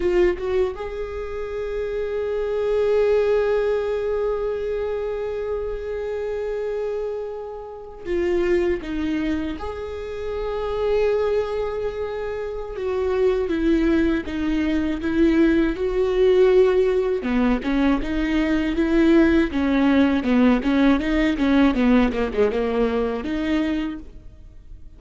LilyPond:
\new Staff \with { instrumentName = "viola" } { \time 4/4 \tempo 4 = 80 f'8 fis'8 gis'2.~ | gis'1~ | gis'2~ gis'8. f'4 dis'16~ | dis'8. gis'2.~ gis'16~ |
gis'4 fis'4 e'4 dis'4 | e'4 fis'2 b8 cis'8 | dis'4 e'4 cis'4 b8 cis'8 | dis'8 cis'8 b8 ais16 gis16 ais4 dis'4 | }